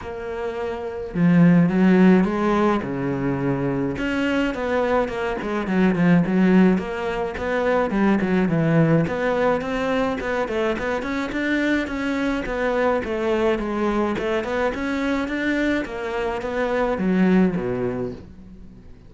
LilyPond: \new Staff \with { instrumentName = "cello" } { \time 4/4 \tempo 4 = 106 ais2 f4 fis4 | gis4 cis2 cis'4 | b4 ais8 gis8 fis8 f8 fis4 | ais4 b4 g8 fis8 e4 |
b4 c'4 b8 a8 b8 cis'8 | d'4 cis'4 b4 a4 | gis4 a8 b8 cis'4 d'4 | ais4 b4 fis4 b,4 | }